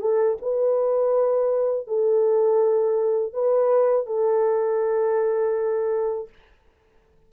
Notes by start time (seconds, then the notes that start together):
0.00 A4
0.41 B4
1.87 A4
3.33 B4
4.06 A4